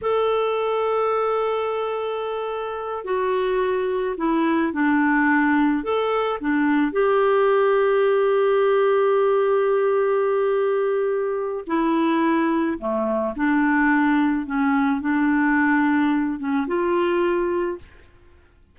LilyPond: \new Staff \with { instrumentName = "clarinet" } { \time 4/4 \tempo 4 = 108 a'1~ | a'4. fis'2 e'8~ | e'8 d'2 a'4 d'8~ | d'8 g'2.~ g'8~ |
g'1~ | g'4 e'2 a4 | d'2 cis'4 d'4~ | d'4. cis'8 f'2 | }